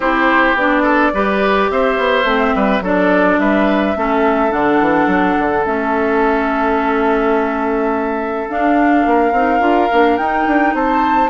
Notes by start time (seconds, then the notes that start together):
0.00 C4 E4 G4 C5
0.54 B3 D4 D5
0.83 A4
1.13 G3 G4 B4
1.70 C4 C5 E5
1.98 B3
2.24 A3 C4
2.55 G3 B4
2.80 F#3 D4 A4 D5
3.38 G3 B4 E5
3.96 A3 C#4 A4
4.50 D3 D4 F#5
4.80 E3
5.06 F#3
5.38 D3
5.65 A3 C#4 E5
8.48 D4 F5
9.05 A#3 A#4
9.32 C4 D#4
9.60 D4 F4
9.92 A#3 D4
10.17 D#4 G5
10.46 D4
10.74 C4 C5 A5